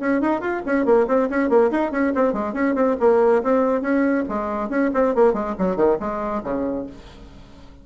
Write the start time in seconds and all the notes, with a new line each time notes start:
0.00 C#4
0.21 D#4
0.41 F4
0.66 C#4
0.85 A#3
1.08 C4
1.30 C#4
1.49 A#3
1.71 D#4
1.92 C#4
2.15 C4
2.33 G#3
2.53 C#4
2.75 C4
3.00 A#3
3.43 C4
3.82 C#4
4.29 G#3
4.69 C#4
4.94 C4
5.15 A#3
5.34 G#3
5.59 F#3
5.76 D#3
6.00 G#3
6.43 C#3